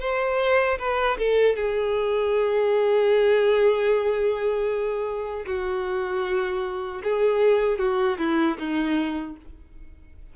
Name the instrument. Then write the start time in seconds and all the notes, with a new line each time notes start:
violin
0.00 C5
0.78 B4
1.18 A4
1.55 G#4
5.46 F#4
7.03 G#4
7.79 F#4
8.18 E4
8.58 D#4